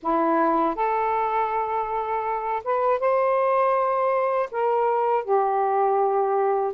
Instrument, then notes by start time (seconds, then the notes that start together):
saxophone
0.02 E4
0.75 A4
2.64 B4
2.99 C5
4.51 A#4
5.24 G4